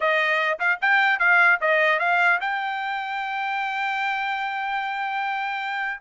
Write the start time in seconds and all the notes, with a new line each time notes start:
0.00 D#5
0.59 F5
0.81 G5
1.19 F5
1.60 D#5
1.99 F5
2.40 G5